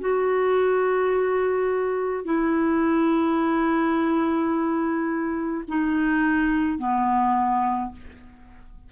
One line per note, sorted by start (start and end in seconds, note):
0.00 2.25 F#4
2.25 5.64 E4
5.68 6.78 D#4
6.78 7.91 B3